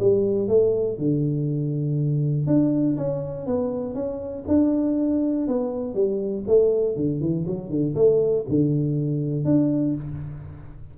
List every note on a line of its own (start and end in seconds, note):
0.00 0.48 G3
0.48 0.98 A3
0.99 2.47 D3
2.47 2.97 D4
2.98 3.47 C#4
3.47 3.95 B3
3.95 4.45 C#4
4.48 5.48 D4
5.48 5.95 B3
5.95 6.45 G3
6.48 6.97 A3
6.97 7.21 D3
7.21 7.46 E3
7.47 7.70 F#3
7.70 7.95 D3
7.95 8.45 A3
8.49 9.45 D3
9.45 9.95 D4